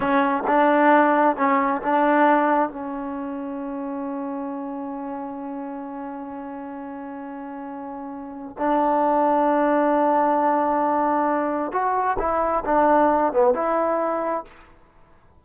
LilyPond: \new Staff \with { instrumentName = "trombone" } { \time 4/4 \tempo 4 = 133 cis'4 d'2 cis'4 | d'2 cis'2~ | cis'1~ | cis'1~ |
cis'2. d'4~ | d'1~ | d'2 fis'4 e'4 | d'4. b8 e'2 | }